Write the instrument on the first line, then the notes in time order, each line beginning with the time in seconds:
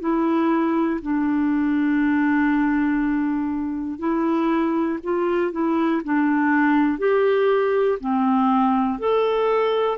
clarinet
0.00 E4
1.01 D4
3.99 E4
5.03 F4
5.51 E4
6.04 D4
6.98 G4
8.00 C4
8.99 A4